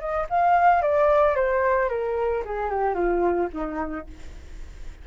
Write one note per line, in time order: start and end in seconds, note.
0.00 0.27 D#5
0.30 0.82 F5
0.82 1.36 D5
1.36 1.90 C5
1.90 2.44 A#4
2.45 2.70 G#4
2.70 2.95 G4
2.95 3.49 F4
3.53 4.07 D#4